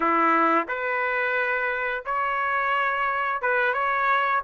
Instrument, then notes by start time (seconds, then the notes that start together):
trumpet
0.00 E4
0.68 B4
2.05 C#5
3.41 B4
3.73 C#5